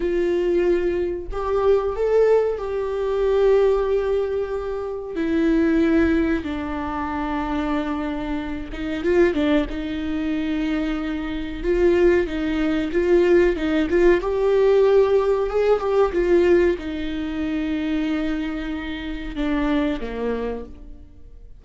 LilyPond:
\new Staff \with { instrumentName = "viola" } { \time 4/4 \tempo 4 = 93 f'2 g'4 a'4 | g'1 | e'2 d'2~ | d'4. dis'8 f'8 d'8 dis'4~ |
dis'2 f'4 dis'4 | f'4 dis'8 f'8 g'2 | gis'8 g'8 f'4 dis'2~ | dis'2 d'4 ais4 | }